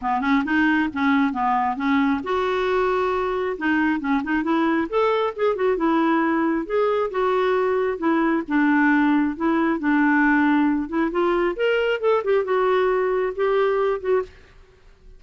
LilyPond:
\new Staff \with { instrumentName = "clarinet" } { \time 4/4 \tempo 4 = 135 b8 cis'8 dis'4 cis'4 b4 | cis'4 fis'2. | dis'4 cis'8 dis'8 e'4 a'4 | gis'8 fis'8 e'2 gis'4 |
fis'2 e'4 d'4~ | d'4 e'4 d'2~ | d'8 e'8 f'4 ais'4 a'8 g'8 | fis'2 g'4. fis'8 | }